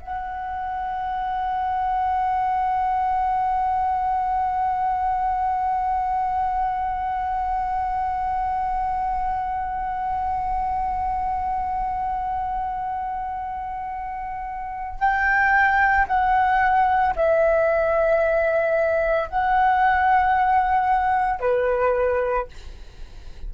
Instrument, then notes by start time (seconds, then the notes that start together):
flute
0.00 F#5
15.00 G5
16.07 F#5
17.16 E5
19.29 F#5
21.40 B4